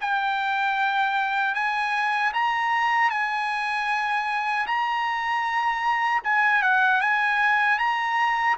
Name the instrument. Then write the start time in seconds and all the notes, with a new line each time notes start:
trumpet
0.00 G5
1.54 G#5
2.33 A#5
3.10 G#5
4.66 A#5
6.23 G#5
6.62 F#5
7.01 G#5
7.78 A#5